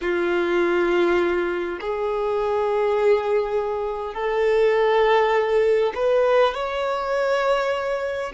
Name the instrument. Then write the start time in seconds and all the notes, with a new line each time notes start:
violin
0.01 F4
1.80 G#4
4.14 A4
5.94 B4
6.54 C#5